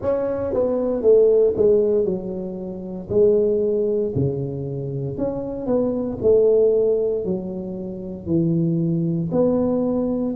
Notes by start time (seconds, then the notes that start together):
0.01 C#4
0.53 B3
1.02 A3
1.56 G#3
2.05 F#3
3.09 G#3
4.15 C#3
5.17 C#4
5.66 B3
6.22 A3
7.25 F#3
8.26 E3
9.31 B3